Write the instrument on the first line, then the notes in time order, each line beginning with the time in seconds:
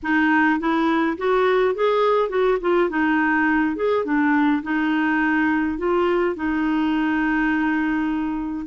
clarinet
0.02 D#4
0.59 E4
1.17 F#4
1.75 G#4
2.29 F#4
2.60 F4
2.89 D#4
3.76 G#4
4.04 D4
4.63 D#4
5.78 F4
6.35 D#4